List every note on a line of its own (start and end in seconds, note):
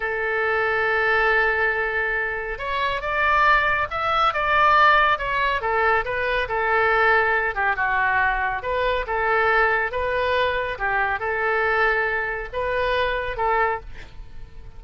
0.00 2.58 A4
2.58 3.01 C#5
3.01 3.87 D5
3.90 4.33 E5
4.33 5.18 D5
5.18 5.61 C#5
5.61 6.04 A4
6.05 6.48 B4
6.48 7.54 A4
7.54 7.76 G4
7.76 8.62 F#4
8.62 9.05 B4
9.06 9.91 A4
9.91 10.78 B4
10.78 11.19 G4
11.19 12.49 A4
12.52 13.36 B4
13.36 13.80 A4